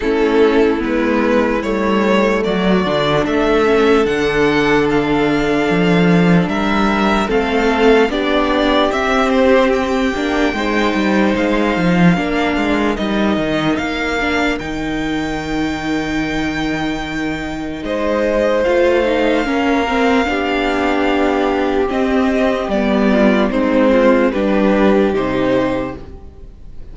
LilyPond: <<
  \new Staff \with { instrumentName = "violin" } { \time 4/4 \tempo 4 = 74 a'4 b'4 cis''4 d''4 | e''4 fis''4 f''2 | e''4 f''4 d''4 e''8 c''8 | g''2 f''2 |
dis''4 f''4 g''2~ | g''2 dis''4 f''4~ | f''2. dis''4 | d''4 c''4 b'4 c''4 | }
  \new Staff \with { instrumentName = "violin" } { \time 4/4 e'2. fis'4 | a'1 | ais'4 a'4 g'2~ | g'4 c''2 ais'4~ |
ais'1~ | ais'2 c''2 | ais'4 g'2.~ | g'8 f'8 dis'8 f'8 g'2 | }
  \new Staff \with { instrumentName = "viola" } { \time 4/4 cis'4 b4 a4. d'8~ | d'8 cis'8 d'2.~ | d'4 c'4 d'4 c'4~ | c'8 d'8 dis'2 d'4 |
dis'4. d'8 dis'2~ | dis'2. f'8 dis'8 | cis'8 c'8 d'2 c'4 | b4 c'4 d'4 dis'4 | }
  \new Staff \with { instrumentName = "cello" } { \time 4/4 a4 gis4 g4 fis8 d8 | a4 d2 f4 | g4 a4 b4 c'4~ | c'8 ais8 gis8 g8 gis8 f8 ais8 gis8 |
g8 dis8 ais4 dis2~ | dis2 gis4 a4 | ais4 b2 c'4 | g4 gis4 g4 c4 | }
>>